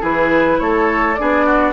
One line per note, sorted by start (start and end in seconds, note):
0.00 0.59 E3
0.00 1.15 E4
0.00 0.57 G#4
0.00 0.59 B4
0.59 1.17 A3
0.59 1.19 A4
0.59 1.14 C#5
1.14 1.72 D4
1.14 1.45 G#4
1.14 1.71 D5
1.21 1.72 B3
1.45 1.72 F#4